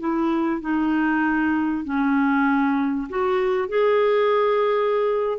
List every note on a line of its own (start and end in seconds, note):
0.00 0.61 E4
0.61 1.85 D#4
1.85 3.09 C#4
3.10 3.69 F#4
3.69 5.39 G#4